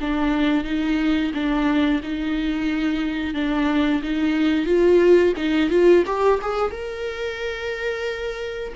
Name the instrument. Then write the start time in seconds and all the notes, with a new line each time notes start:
viola
0.00 D4
0.64 D#4
1.33 D4
2.03 D#4
3.34 D4
4.02 D#4
4.65 F4
5.37 D#4
5.70 F4
6.06 G4
6.41 G#4
6.71 A#4